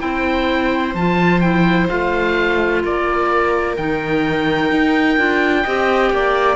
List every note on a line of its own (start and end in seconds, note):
0.00 0.95 C4
0.00 0.94 E4
0.00 2.83 C5
0.00 0.95 G5
0.95 1.88 F3
0.95 1.43 F4
0.95 1.41 A5
1.41 1.89 E4
1.41 1.88 G5
1.89 2.84 A3
1.89 3.77 F4
1.89 2.83 F5
2.84 3.78 A#3
2.84 5.64 A#4
2.84 3.77 D5
3.77 4.71 D#3
3.77 5.18 D#4
3.77 6.56 G5
4.71 5.18 D#4
5.18 5.65 D4
5.18 5.65 F4
5.64 6.12 C4
5.64 6.56 G4
5.64 6.11 D#5
6.12 6.56 A#3
6.12 6.56 D5